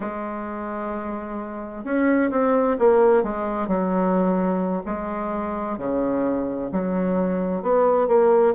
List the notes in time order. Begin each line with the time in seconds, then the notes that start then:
0.00 G#3
1.84 C#4
2.31 C4
2.79 A#3
3.23 G#3
3.67 F#3
4.85 G#3
5.77 C#3
6.71 F#3
7.62 B3
8.07 A#3